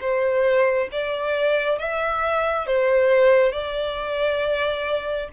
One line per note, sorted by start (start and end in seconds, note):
0.00 0.88 C5
0.91 1.78 D5
1.78 2.66 E5
2.66 3.52 C5
3.52 5.28 D5